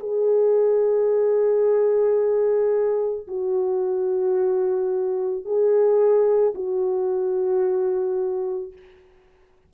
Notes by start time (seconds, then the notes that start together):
0.00 G#4
3.28 F#4
5.45 G#4
6.55 F#4